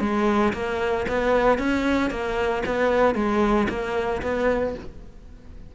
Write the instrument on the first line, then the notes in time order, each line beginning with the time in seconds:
cello
0.00 G#3
0.53 A#3
1.08 B3
1.58 C#4
2.10 A#3
2.66 B3
3.15 G#3
3.69 A#3
4.22 B3